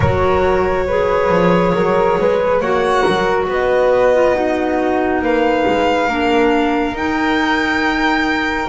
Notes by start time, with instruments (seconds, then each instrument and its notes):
0.00 double bass F#3, clarinet F#4, flute A#4, violin C#5
0.86 clarinet G#4, flute B4
1.29 double bass F3
1.74 double bass F#3, flute A#4
2.20 double bass G#3, flute B4
2.60 double bass A#3, clarinet F#4, flute C#5, violin F#5
3.01 double bass F#3, flute A#4
3.48 double bass B3, flute B4, violin D#5
4.14 clarinet F4
4.34 clarinet D#4, flute F#4
5.21 double bass A#3, flute B4, violin F5
5.67 double bass G#3
6.07 double bass A#3, clarinet D4, flute A#4
6.93 double bass D#4, clarinet D#4, violin G5